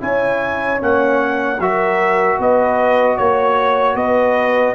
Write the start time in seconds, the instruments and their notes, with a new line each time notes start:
0.00 tuba C#4, trombone E4, horn C#5, trumpet G#5
0.78 tuba A#3, trombone C#4, trumpet F#5
1.59 tuba F#3, trombone F#4, horn A#4, trumpet E5
2.37 tuba B3, horn B4, trumpet D#5
3.17 tuba A#3, horn C#5, trumpet C#5
3.94 tuba B3, horn B4, trumpet D#5